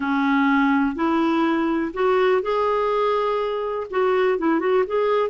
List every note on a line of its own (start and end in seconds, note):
0.00 0.95 C#4
0.95 1.92 E4
1.93 2.42 F#4
2.42 3.87 G#4
3.90 4.38 F#4
4.38 4.59 E4
4.59 4.84 F#4
4.86 5.29 G#4